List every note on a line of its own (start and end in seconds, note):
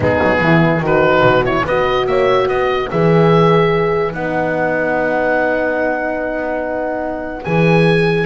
0.00 0.19 G#3
0.00 0.81 B3
0.00 0.41 D#4
0.00 0.85 G#4
0.22 0.40 F#3
0.40 0.80 E3
0.40 0.83 E4
0.80 1.21 D#3
0.80 1.43 D#4
0.80 1.64 F#4
0.80 1.45 B4
1.22 1.63 B2
1.45 1.66 E4
1.45 1.66 C#5
1.64 2.06 B3
1.64 2.90 F#4
1.64 2.06 B4
1.64 2.06 D#5
2.06 2.47 A#3
2.06 2.49 C#5
2.06 2.48 E5
2.47 2.89 B3
2.47 8.26 B4
2.47 2.89 D#5
2.90 4.14 E3
2.90 4.12 G#4
2.90 4.13 E5
4.12 7.45 B3
4.12 7.43 D#4
4.12 7.44 F#5
7.44 8.26 E3
7.44 8.26 G#4
7.44 8.26 G#5